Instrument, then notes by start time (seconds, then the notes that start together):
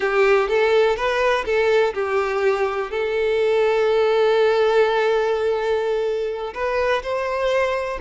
violin
0.00 G4
0.49 A4
0.96 B4
1.45 A4
1.94 G4
2.90 A4
6.53 B4
7.02 C5